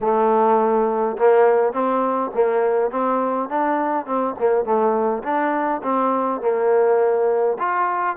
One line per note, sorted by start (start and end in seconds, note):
0.00 1.17 A3
1.17 1.72 A#3
1.72 2.31 C4
2.34 2.90 A#3
2.90 3.49 C4
3.49 4.06 D4
4.06 4.35 C4
4.39 4.64 A#3
4.64 5.23 A3
5.23 5.81 D4
5.83 6.41 C4
6.41 7.57 A#3
7.58 8.16 F4